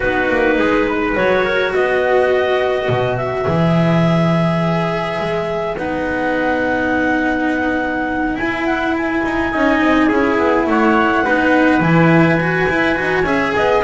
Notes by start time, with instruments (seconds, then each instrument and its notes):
0.00 double bass B3, cello D#4, trumpet F#4, clarinet B4
0.29 double bass A#3
0.58 double bass G#3, trumpet G#4
0.88 trumpet B4
1.15 double bass F#3, cello F#4, clarinet C#5
1.44 trumpet A#4
1.72 double bass B3, trumpet B4, clarinet D#5
2.88 double bass B2
3.17 clarinet E5
3.45 double bass E3, cello G#4
5.19 double bass G#3
5.77 double bass B3, cello D#4, clarinet F#5
8.34 double bass E4, clarinet G#5
8.41 cello E4
8.66 clarinet F#5
8.97 clarinet G#5
9.24 double bass D#4
9.52 double bass C#4, cello D#4, trumpet D#5
9.80 double bass C4
10.08 double bass C#4, cello E4, trumpet G#4
10.37 double bass B3
10.66 double bass A3, trumpet C#5, clarinet F#5
11.24 double bass B3, cello D#4, trumpet B4
11.79 double bass E3, cello E4, clarinet G#5
12.40 cello F#4
12.69 cello E4, double bass E4
12.95 double bass D#4, cello F#4
13.23 double bass C#4, cello G#4, trumpet E5
13.55 double bass B3, trumpet D#5